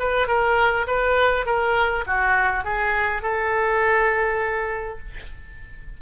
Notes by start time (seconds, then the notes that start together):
0.00 B4
0.28 A#4
0.88 B4
1.46 A#4
2.07 F#4
2.65 G#4
3.23 A4